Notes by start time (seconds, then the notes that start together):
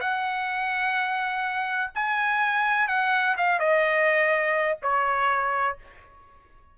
0.00 F#5
1.94 G#5
2.88 F#5
3.37 F5
3.59 D#5
4.82 C#5